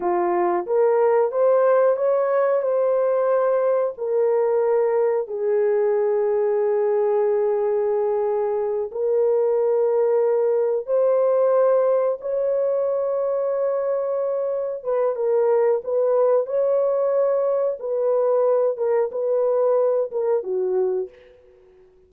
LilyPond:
\new Staff \with { instrumentName = "horn" } { \time 4/4 \tempo 4 = 91 f'4 ais'4 c''4 cis''4 | c''2 ais'2 | gis'1~ | gis'4. ais'2~ ais'8~ |
ais'8 c''2 cis''4.~ | cis''2~ cis''8 b'8 ais'4 | b'4 cis''2 b'4~ | b'8 ais'8 b'4. ais'8 fis'4 | }